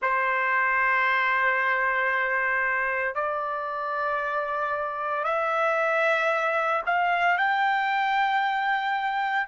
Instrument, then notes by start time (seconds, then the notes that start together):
trumpet
0.01 C5
3.14 D5
5.23 E5
6.86 F5
7.37 G5